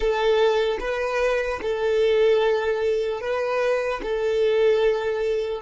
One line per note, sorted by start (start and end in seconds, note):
0.00 0.78 A4
0.80 1.60 B4
1.61 3.20 A4
3.20 4.00 B4
4.02 5.61 A4